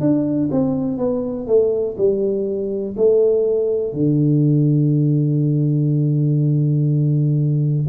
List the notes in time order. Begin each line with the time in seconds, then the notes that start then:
0.00 D4
0.51 C4
0.97 B3
1.47 A3
1.97 G3
2.96 A3
3.93 D3